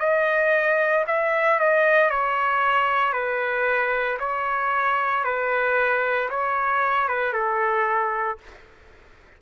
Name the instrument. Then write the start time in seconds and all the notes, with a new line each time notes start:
trumpet
0.00 D#5
1.08 E5
1.60 D#5
2.11 C#5
3.13 B4
4.20 C#5
5.24 B4
6.30 C#5
7.09 B4
7.33 A4